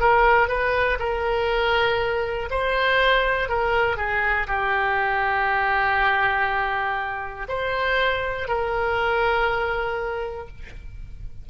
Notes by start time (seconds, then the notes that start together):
0.00 A#4
0.48 B4
0.99 A#4
2.51 C5
3.49 A#4
3.97 G#4
4.48 G4
7.49 C5
8.49 A#4